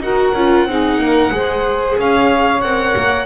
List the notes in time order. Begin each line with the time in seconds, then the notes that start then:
0.00 D#4 F#4 A#4 F#5
0.35 C#4 F4
0.66 C4 D#4 G#4
0.98 A#3 A#4
1.32 G#3 G#4 C5
1.99 C#4 C#5 F5
2.62 C4 A#4 F#5
2.97 A#3